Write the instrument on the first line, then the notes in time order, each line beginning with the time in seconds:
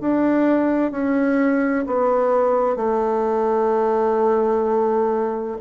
bassoon
0.00 D4
0.91 C#4
1.86 B3
2.76 A3